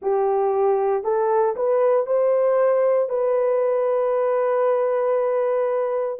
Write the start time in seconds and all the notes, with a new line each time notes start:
0.01 G4
1.03 A4
1.56 B4
2.06 C5
3.09 B4